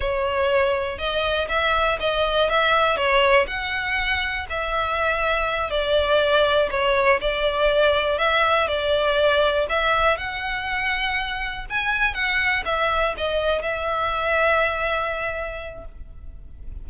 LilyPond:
\new Staff \with { instrumentName = "violin" } { \time 4/4 \tempo 4 = 121 cis''2 dis''4 e''4 | dis''4 e''4 cis''4 fis''4~ | fis''4 e''2~ e''8 d''8~ | d''4. cis''4 d''4.~ |
d''8 e''4 d''2 e''8~ | e''8 fis''2. gis''8~ | gis''8 fis''4 e''4 dis''4 e''8~ | e''1 | }